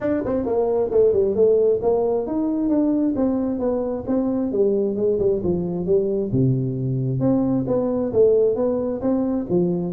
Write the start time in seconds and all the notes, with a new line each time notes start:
0.00 D4
0.25 C4
0.45 A#3
0.91 A3
1.12 G3
1.35 A3
1.82 A#3
2.26 D#4
2.69 D4
3.16 C4
3.59 B3
4.07 C4
4.52 G3
4.96 G#3
5.19 G3
5.43 F3
5.85 G3
6.32 C3
7.20 C4
7.67 B3
8.12 A3
8.55 B3
9.01 C4
9.49 F3